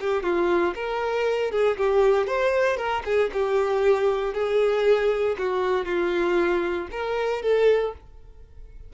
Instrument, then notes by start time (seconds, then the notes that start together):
violin
0.00 G4
0.23 F4
0.75 A#4
1.51 G#4
1.77 G4
2.27 C5
2.77 A#4
3.05 G#4
3.33 G4
4.34 G#4
5.38 F#4
5.85 F4
6.91 A#4
7.42 A4